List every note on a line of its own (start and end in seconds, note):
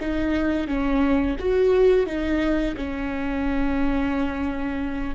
0.00 0.67 D#4
0.67 1.36 C#4
1.39 2.06 F#4
2.06 2.75 D#4
2.76 5.15 C#4